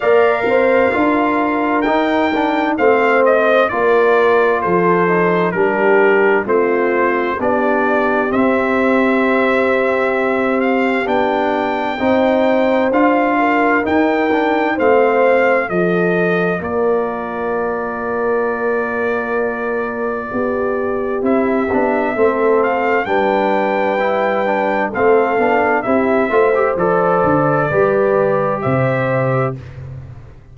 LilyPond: <<
  \new Staff \with { instrumentName = "trumpet" } { \time 4/4 \tempo 4 = 65 f''2 g''4 f''8 dis''8 | d''4 c''4 ais'4 c''4 | d''4 e''2~ e''8 f''8 | g''2 f''4 g''4 |
f''4 dis''4 d''2~ | d''2. e''4~ | e''8 f''8 g''2 f''4 | e''4 d''2 e''4 | }
  \new Staff \with { instrumentName = "horn" } { \time 4/4 d''8 c''8 ais'2 c''4 | ais'4 a'4 g'4 f'4 | g'1~ | g'4 c''4. ais'4. |
c''4 a'4 ais'2~ | ais'2 g'2 | a'4 b'2 a'4 | g'8 c''4. b'4 c''4 | }
  \new Staff \with { instrumentName = "trombone" } { \time 4/4 ais'4 f'4 dis'8 d'8 c'4 | f'4. dis'8 d'4 c'4 | d'4 c'2. | d'4 dis'4 f'4 dis'8 d'8 |
c'4 f'2.~ | f'2. e'8 d'8 | c'4 d'4 e'8 d'8 c'8 d'8 | e'8 f'16 g'16 a'4 g'2 | }
  \new Staff \with { instrumentName = "tuba" } { \time 4/4 ais8 c'8 d'4 dis'4 a4 | ais4 f4 g4 a4 | b4 c'2. | b4 c'4 d'4 dis'4 |
a4 f4 ais2~ | ais2 b4 c'8 b8 | a4 g2 a8 b8 | c'8 a8 f8 d8 g4 c4 | }
>>